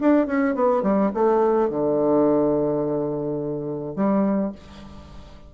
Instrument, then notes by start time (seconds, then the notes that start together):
bassoon
0.00 D4
0.26 C#4
0.55 B3
0.82 G3
1.14 A3
1.69 D3
3.95 G3